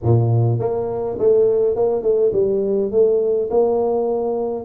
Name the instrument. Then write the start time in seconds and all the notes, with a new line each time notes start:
tuba
0.03 A#2
0.59 A#3
1.18 A3
1.75 A#3
2.02 A3
2.32 G3
2.91 A3
3.50 A#3